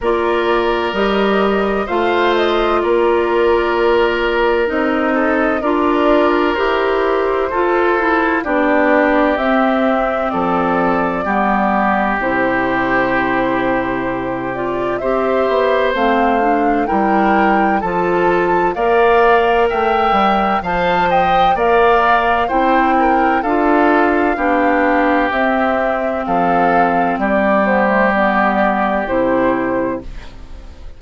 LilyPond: <<
  \new Staff \with { instrumentName = "flute" } { \time 4/4 \tempo 4 = 64 d''4 dis''4 f''8 dis''8 d''4~ | d''4 dis''4 d''4 c''4~ | c''4 d''4 e''4 d''4~ | d''4 c''2~ c''8 d''8 |
e''4 f''4 g''4 a''4 | f''4 g''4 a''8 g''8 f''4 | g''4 f''2 e''4 | f''4 d''8 c''8 d''4 c''4 | }
  \new Staff \with { instrumentName = "oboe" } { \time 4/4 ais'2 c''4 ais'4~ | ais'4. a'8 ais'2 | a'4 g'2 a'4 | g'1 |
c''2 ais'4 a'4 | d''4 e''4 f''8 dis''8 d''4 | c''8 ais'8 a'4 g'2 | a'4 g'2. | }
  \new Staff \with { instrumentName = "clarinet" } { \time 4/4 f'4 g'4 f'2~ | f'4 dis'4 f'4 g'4 | f'8 e'8 d'4 c'2 | b4 e'2~ e'8 f'8 |
g'4 c'8 d'8 e'4 f'4 | ais'2 c''4 ais'4 | e'4 f'4 d'4 c'4~ | c'4. b16 a16 b4 e'4 | }
  \new Staff \with { instrumentName = "bassoon" } { \time 4/4 ais4 g4 a4 ais4~ | ais4 c'4 d'4 e'4 | f'4 b4 c'4 f4 | g4 c2. |
c'8 b8 a4 g4 f4 | ais4 a8 g8 f4 ais4 | c'4 d'4 b4 c'4 | f4 g2 c4 | }
>>